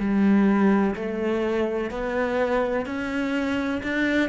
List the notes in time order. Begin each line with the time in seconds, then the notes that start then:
0.00 G3
0.95 A3
1.90 B3
2.86 C#4
3.83 D4